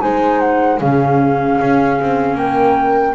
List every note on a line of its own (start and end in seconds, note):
0.00 0.81 G#3
0.00 0.79 D#4
0.00 0.80 C5
0.00 0.40 G#5
0.40 0.79 F#5
0.80 1.60 C#3
0.80 3.15 C#4
0.80 2.38 G#4
0.80 2.37 F5
1.61 2.00 C#4
2.01 2.35 C4
2.35 3.14 A#3
2.35 3.15 A#4
2.35 3.15 G5